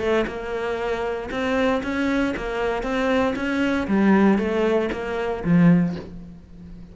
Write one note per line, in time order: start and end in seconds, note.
0.00 0.26 A3
0.27 1.30 A#3
1.31 1.83 C4
1.83 2.35 C#4
2.37 2.83 A#3
2.83 3.35 C4
3.36 3.87 C#4
3.88 4.39 G3
4.39 4.90 A3
4.93 5.44 A#3
5.45 5.96 F3